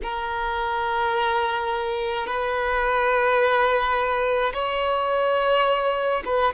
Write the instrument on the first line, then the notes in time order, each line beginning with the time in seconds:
violin
0.03 A#4
2.26 B4
4.53 C#5
6.25 B4